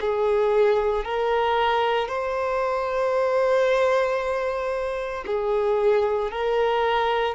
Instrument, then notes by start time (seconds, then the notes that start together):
violin
0.00 G#4
1.04 A#4
2.08 C5
5.26 G#4
6.31 A#4